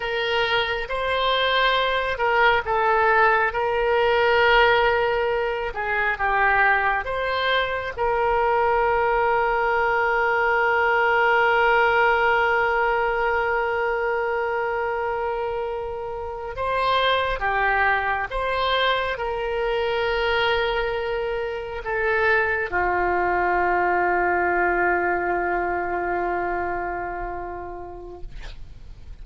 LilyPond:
\new Staff \with { instrumentName = "oboe" } { \time 4/4 \tempo 4 = 68 ais'4 c''4. ais'8 a'4 | ais'2~ ais'8 gis'8 g'4 | c''4 ais'2.~ | ais'1~ |
ais'2~ ais'8. c''4 g'16~ | g'8. c''4 ais'2~ ais'16~ | ais'8. a'4 f'2~ f'16~ | f'1 | }